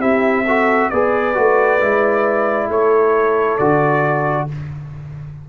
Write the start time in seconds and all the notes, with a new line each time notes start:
0.00 C4 E4 G4 E5
0.47 F#4 A4
0.90 B3 G#4 B4 D5
1.35 A3 F#4
1.81 G#3 E4
2.68 A3 A4 C#5
3.58 D3 F#4 D5